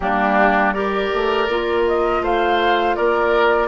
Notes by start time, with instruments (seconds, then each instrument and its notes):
0.00 bassoon G3, clarinet A#3, oboe D4, flute G4
0.72 clarinet G4, oboe A#4, flute D5
1.13 bassoon A3
1.48 bassoon A#3, clarinet F4
1.87 flute D#5
2.21 bassoon A3, oboe C5, flute F5
2.95 bassoon A#3, oboe A#4, flute D5